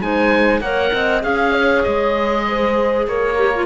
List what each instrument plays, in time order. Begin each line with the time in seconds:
0.00 cello G#3, clarinet D#4, horn C5, oboe G#5
0.60 cello A#3, clarinet A#4, horn C#5, oboe F#5
0.93 cello C4, horn D#5
1.22 cello C#4, clarinet G#4, oboe F5, horn F5
1.52 horn C#5
1.83 cello G#3, oboe D#5
2.48 horn C5
3.07 cello A#3, horn A#4, oboe C#5
3.36 clarinet G4
3.55 clarinet F4